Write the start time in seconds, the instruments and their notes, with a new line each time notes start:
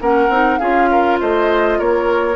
0.00 bassoon A#3, clarinet C#4, oboe A#4, flute F#5
0.29 bassoon C4, clarinet D#4
0.58 bassoon C#4, clarinet F4, oboe G#4, flute F5
0.91 oboe A#4
1.20 bassoon A3, oboe C5, flute D#5
1.79 bassoon A#3, oboe A#4, flute C#5